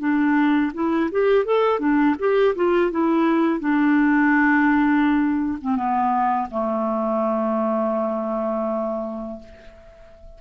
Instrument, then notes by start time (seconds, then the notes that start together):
clarinet
0.00 D4
0.74 E4
1.12 G4
1.45 A4
1.80 D4
2.19 G4
2.56 F4
2.91 E4
3.60 D4
5.62 C4
5.76 B3
6.51 A3